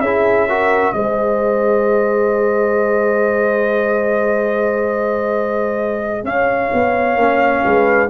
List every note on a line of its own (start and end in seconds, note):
0.00 0.92 C#4
0.00 0.49 E4
0.00 0.48 G#4
0.00 0.92 E5
0.48 0.94 F#4
0.48 0.94 A#4
0.92 6.24 G#3
0.92 7.17 G#4
0.92 6.24 C5
0.92 6.23 D#5
6.24 6.70 C#4
6.24 7.63 C#5
6.24 8.09 F5
6.73 7.16 B3
7.16 7.62 A#3
7.16 8.09 C#4
7.64 8.09 G#3
7.64 8.09 B4